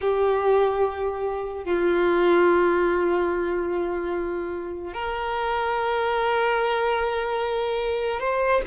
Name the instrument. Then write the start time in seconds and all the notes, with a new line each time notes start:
violin
0.00 G4
1.64 F4
4.93 A#4
8.19 C5